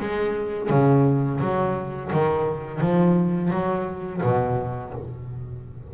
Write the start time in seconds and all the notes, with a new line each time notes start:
0.00 G#3
0.70 C#3
1.40 F#3
2.13 D#3
2.80 F3
3.50 F#3
4.23 B2